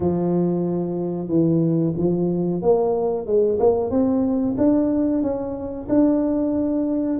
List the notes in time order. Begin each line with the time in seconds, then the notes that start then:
0.00 F3
1.28 E3
1.96 F3
2.62 A#3
3.26 G#3
3.59 A#3
3.90 C4
4.57 D4
5.22 C#4
5.88 D4